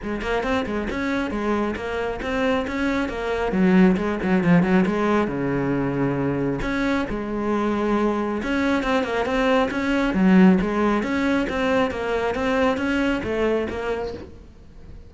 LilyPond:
\new Staff \with { instrumentName = "cello" } { \time 4/4 \tempo 4 = 136 gis8 ais8 c'8 gis8 cis'4 gis4 | ais4 c'4 cis'4 ais4 | fis4 gis8 fis8 f8 fis8 gis4 | cis2. cis'4 |
gis2. cis'4 | c'8 ais8 c'4 cis'4 fis4 | gis4 cis'4 c'4 ais4 | c'4 cis'4 a4 ais4 | }